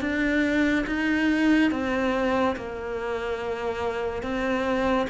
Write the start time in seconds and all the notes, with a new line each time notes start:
0.00 D4
0.86 D#4
1.71 C4
2.55 A#3
4.22 C4